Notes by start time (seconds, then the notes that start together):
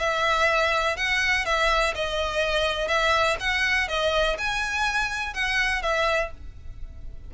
0.00 E5
0.97 F#5
1.46 E5
1.96 D#5
2.88 E5
3.40 F#5
3.89 D#5
4.39 G#5
5.34 F#5
5.83 E5